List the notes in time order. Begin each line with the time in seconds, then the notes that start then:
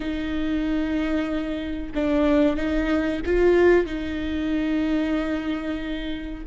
0.00 D#4
1.94 D4
2.56 D#4
3.25 F4
3.86 D#4